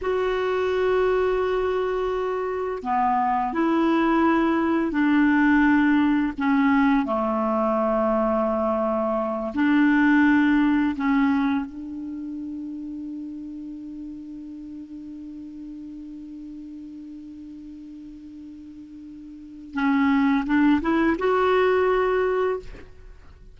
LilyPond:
\new Staff \with { instrumentName = "clarinet" } { \time 4/4 \tempo 4 = 85 fis'1 | b4 e'2 d'4~ | d'4 cis'4 a2~ | a4. d'2 cis'8~ |
cis'8 d'2.~ d'8~ | d'1~ | d'1 | cis'4 d'8 e'8 fis'2 | }